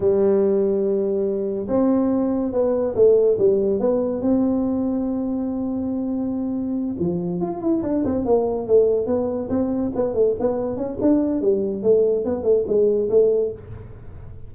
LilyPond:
\new Staff \with { instrumentName = "tuba" } { \time 4/4 \tempo 4 = 142 g1 | c'2 b4 a4 | g4 b4 c'2~ | c'1~ |
c'8 f4 f'8 e'8 d'8 c'8 ais8~ | ais8 a4 b4 c'4 b8 | a8 b4 cis'8 d'4 g4 | a4 b8 a8 gis4 a4 | }